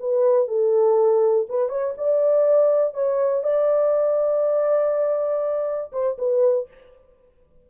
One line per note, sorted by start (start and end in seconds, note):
0.00 0.48 B4
0.48 1.47 A4
1.49 1.69 B4
1.69 1.94 C#5
1.98 2.94 D5
2.94 3.44 C#5
3.44 5.92 D5
5.93 6.17 C5
6.19 6.68 B4